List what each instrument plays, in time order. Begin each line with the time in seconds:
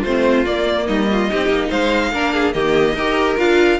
0.00 cello A3, viola C4, violin F4 C5
0.45 cello A#3, viola A#3, violin D5
0.86 cello G3, violin D#4 D#5
1.12 violin F4
1.29 cello C4, viola D#4, violin G4
1.49 cello A#3
1.69 cello G#3, violin C5 F5
2.12 cello A#3, viola D4, violin A#4
2.33 violin G#4
2.53 cello D#3, viola A#3, violin G4 D#5
2.94 cello D#4, viola G4, violin A#4
3.37 cello D4, viola F4, violin F5